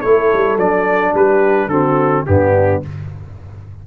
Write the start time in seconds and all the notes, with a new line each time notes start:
0.00 A3 E4 A4 C#5
0.33 G3
0.57 F#3 D4 D5
1.14 G3 G4 B4
1.67 D3 C4 F#4 A4
2.26 G2 B3 D4 G4